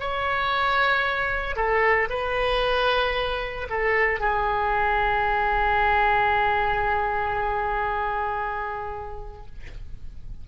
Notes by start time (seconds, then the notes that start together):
0.00 C#5
1.56 A4
2.10 B4
3.70 A4
4.20 G#4